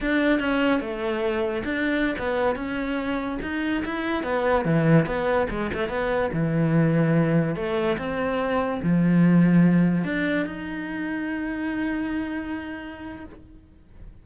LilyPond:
\new Staff \with { instrumentName = "cello" } { \time 4/4 \tempo 4 = 145 d'4 cis'4 a2 | d'4~ d'16 b4 cis'4.~ cis'16~ | cis'16 dis'4 e'4 b4 e8.~ | e16 b4 gis8 a8 b4 e8.~ |
e2~ e16 a4 c'8.~ | c'4~ c'16 f2~ f8.~ | f16 d'4 dis'2~ dis'8.~ | dis'1 | }